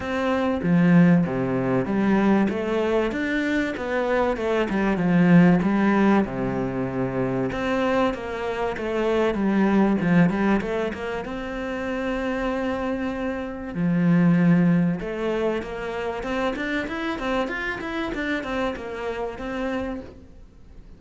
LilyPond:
\new Staff \with { instrumentName = "cello" } { \time 4/4 \tempo 4 = 96 c'4 f4 c4 g4 | a4 d'4 b4 a8 g8 | f4 g4 c2 | c'4 ais4 a4 g4 |
f8 g8 a8 ais8 c'2~ | c'2 f2 | a4 ais4 c'8 d'8 e'8 c'8 | f'8 e'8 d'8 c'8 ais4 c'4 | }